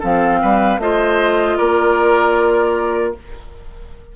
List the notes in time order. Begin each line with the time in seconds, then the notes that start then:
0.00 F3 C4 A4 F5
0.42 G3 B4
0.78 A3 F4 C5 D#5
1.57 A#3 A#4 D5